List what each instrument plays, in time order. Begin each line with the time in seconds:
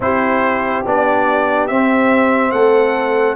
0.00 tuba C4, trombone E4, horn G4, trumpet C5
0.85 tuba B3, trombone D4, trumpet D5
1.67 tuba C4, trombone C4, trumpet E5
2.51 tuba A3, horn A4, trumpet F#5